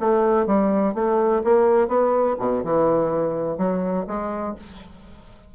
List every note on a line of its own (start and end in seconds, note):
0.00 0.46 A3
0.46 0.94 G3
0.94 1.42 A3
1.44 1.88 A#3
1.88 2.36 B3
2.39 2.63 B2
2.64 3.58 E3
3.58 4.06 F#3
4.07 4.55 G#3